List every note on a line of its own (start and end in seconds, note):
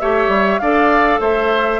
0.00 0.28 A3
0.00 0.62 G4
0.00 0.61 C#5
0.00 0.59 E5
0.28 0.59 G3
0.59 1.21 D4
0.59 1.80 A4
0.59 1.21 D5
0.59 1.20 F5
1.21 1.80 A3
1.21 1.80 C5
1.21 1.80 E5